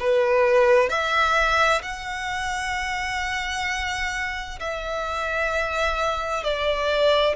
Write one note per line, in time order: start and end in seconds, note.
0.00 0.90 B4
0.90 1.82 E5
1.83 4.59 F#5
4.60 6.44 E5
6.44 7.36 D5